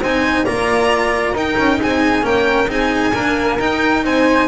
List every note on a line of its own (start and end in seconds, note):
0.00 0.45 C4
0.00 0.45 D#4
0.00 0.44 C5
0.00 0.45 G#5
0.44 1.32 A#3
0.44 1.35 F4
0.44 1.33 D5
0.44 1.34 A#5
1.32 1.55 D#4
1.32 2.22 D#4
1.32 1.77 A#4
1.32 1.81 G5
1.58 1.80 C#4
1.80 2.23 C4
1.80 2.24 G#4
1.80 2.25 G#5
2.22 2.67 A#3
2.22 2.67 C#4
2.22 2.69 A#4
2.22 2.70 G5
2.67 3.12 C4
2.67 3.12 D#4
2.67 3.14 G#4
2.67 3.59 G#5
3.14 3.58 A#3
3.14 3.59 D4
3.14 4.04 A#4
3.59 4.03 D#4
3.59 4.48 D#4
3.59 4.04 G5
4.03 4.48 C4
4.03 4.48 C5
4.03 4.48 G#5